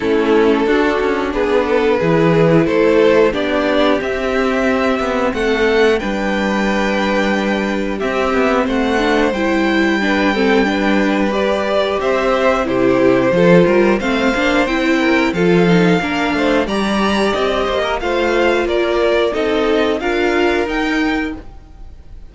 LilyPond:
<<
  \new Staff \with { instrumentName = "violin" } { \time 4/4 \tempo 4 = 90 a'2 b'2 | c''4 d''4 e''2 | fis''4 g''2. | e''4 fis''4 g''2~ |
g''4 d''4 e''4 c''4~ | c''4 f''4 g''4 f''4~ | f''4 ais''4 dis''4 f''4 | d''4 dis''4 f''4 g''4 | }
  \new Staff \with { instrumentName = "violin" } { \time 4/4 e'4 fis'4 gis'8 a'8 gis'4 | a'4 g'2. | a'4 b'2. | g'4 c''2 b'8 a'8 |
b'2 c''4 g'4 | a'8 ais'8 c''4. ais'8 a'4 | ais'8 c''8 d''4. c''16 ais'16 c''4 | ais'4 a'4 ais'2 | }
  \new Staff \with { instrumentName = "viola" } { \time 4/4 cis'4 d'2 e'4~ | e'4 d'4 c'2~ | c'4 d'2. | c'4. d'8 e'4 d'8 c'8 |
d'4 g'2 e'4 | f'4 c'8 d'8 e'4 f'8 dis'8 | d'4 g'2 f'4~ | f'4 dis'4 f'4 dis'4 | }
  \new Staff \with { instrumentName = "cello" } { \time 4/4 a4 d'8 cis'8 b4 e4 | a4 b4 c'4. b8 | a4 g2. | c'8 b8 a4 g2~ |
g2 c'4 c4 | f8 g8 a8 ais8 c'4 f4 | ais8 a8 g4 c'8 ais8 a4 | ais4 c'4 d'4 dis'4 | }
>>